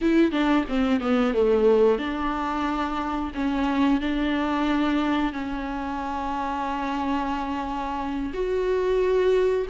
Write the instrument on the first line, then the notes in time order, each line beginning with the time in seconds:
viola
0.01 E4
0.31 D4
0.68 C4
1.00 B3
1.33 A3
1.98 D4
3.34 C#4
4.01 D4
5.32 C#4
8.33 F#4